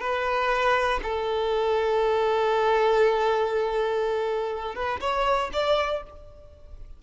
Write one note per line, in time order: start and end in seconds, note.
0.00 1.00 B4
1.03 4.75 A4
4.75 5.00 B4
5.00 5.50 C#5
5.53 6.03 D5